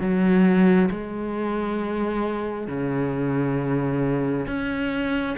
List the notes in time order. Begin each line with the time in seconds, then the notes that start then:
0.00 F#3
0.91 G#3
2.68 C#3
4.47 C#4